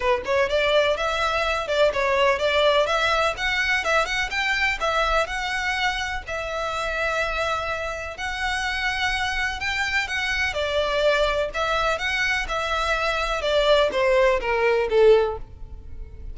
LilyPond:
\new Staff \with { instrumentName = "violin" } { \time 4/4 \tempo 4 = 125 b'8 cis''8 d''4 e''4. d''8 | cis''4 d''4 e''4 fis''4 | e''8 fis''8 g''4 e''4 fis''4~ | fis''4 e''2.~ |
e''4 fis''2. | g''4 fis''4 d''2 | e''4 fis''4 e''2 | d''4 c''4 ais'4 a'4 | }